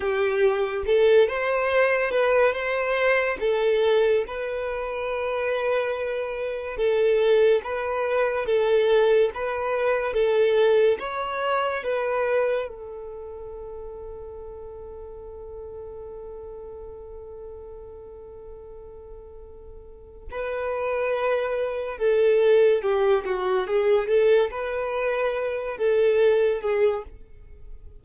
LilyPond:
\new Staff \with { instrumentName = "violin" } { \time 4/4 \tempo 4 = 71 g'4 a'8 c''4 b'8 c''4 | a'4 b'2. | a'4 b'4 a'4 b'4 | a'4 cis''4 b'4 a'4~ |
a'1~ | a'1 | b'2 a'4 g'8 fis'8 | gis'8 a'8 b'4. a'4 gis'8 | }